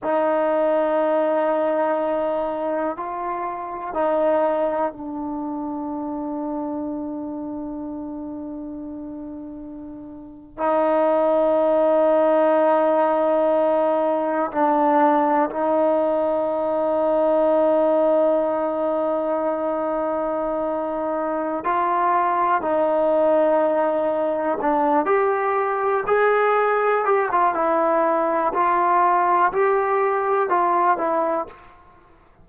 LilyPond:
\new Staff \with { instrumentName = "trombone" } { \time 4/4 \tempo 4 = 61 dis'2. f'4 | dis'4 d'2.~ | d'2~ d'8. dis'4~ dis'16~ | dis'2~ dis'8. d'4 dis'16~ |
dis'1~ | dis'2 f'4 dis'4~ | dis'4 d'8 g'4 gis'4 g'16 f'16 | e'4 f'4 g'4 f'8 e'8 | }